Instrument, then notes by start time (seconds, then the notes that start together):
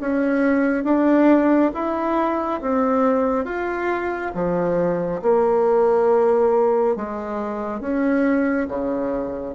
bassoon
0.00 C#4
0.84 D4
1.74 E4
2.61 C4
3.45 F4
4.34 F3
5.22 A#3
6.96 G#3
7.80 C#4
8.68 C#3